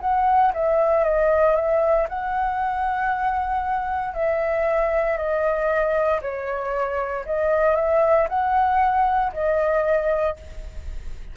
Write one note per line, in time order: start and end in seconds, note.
0.00 0.52 F#5
0.54 1.03 E5
1.03 1.55 D#5
1.55 2.07 E5
2.09 4.14 F#5
4.14 5.17 E5
5.17 6.20 D#5
6.21 7.25 C#5
7.25 7.75 D#5
7.75 8.27 E5
8.29 9.32 F#5
9.32 10.36 D#5